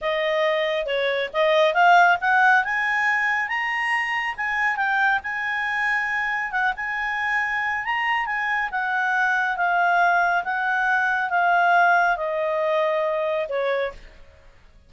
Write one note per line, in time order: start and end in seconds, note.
0.01 0.86 D#5
0.86 1.29 C#5
1.33 1.74 D#5
1.74 2.17 F5
2.21 2.64 F#5
2.64 3.48 G#5
3.48 4.35 A#5
4.37 4.76 G#5
4.76 5.19 G5
5.23 6.51 G#5
6.51 6.73 F#5
6.76 7.84 G#5
7.84 8.26 A#5
8.26 8.69 G#5
8.71 9.56 F#5
9.56 10.43 F5
10.44 11.30 F#5
11.30 12.16 F5
12.16 13.47 D#5
13.48 13.92 C#5